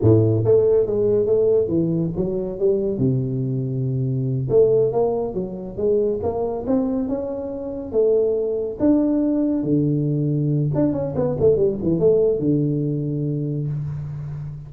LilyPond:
\new Staff \with { instrumentName = "tuba" } { \time 4/4 \tempo 4 = 140 a,4 a4 gis4 a4 | e4 fis4 g4 c4~ | c2~ c8 a4 ais8~ | ais8 fis4 gis4 ais4 c'8~ |
c'8 cis'2 a4.~ | a8 d'2 d4.~ | d4 d'8 cis'8 b8 a8 g8 e8 | a4 d2. | }